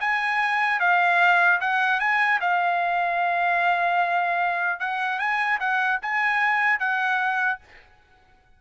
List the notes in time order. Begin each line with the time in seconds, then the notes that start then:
0.00 G#5
0.80 F5
1.60 F#5
2.00 G#5
2.40 F5
4.79 F#5
5.19 G#5
5.59 F#5
6.02 G#5
6.79 F#5